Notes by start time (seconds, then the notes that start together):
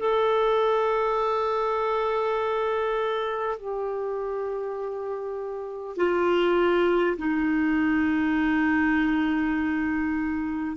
0.00 A4
3.59 G4
5.97 F4
7.18 D#4